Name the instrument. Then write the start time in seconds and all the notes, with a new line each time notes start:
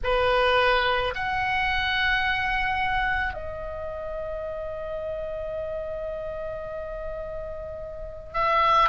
oboe
0.03 B4
1.15 F#5
3.33 D#5
8.33 E5